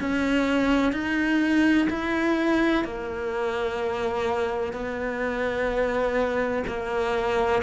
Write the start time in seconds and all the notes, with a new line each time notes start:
0.00 C#4
0.92 D#4
1.89 E4
2.84 A#3
4.73 B3
6.67 A#3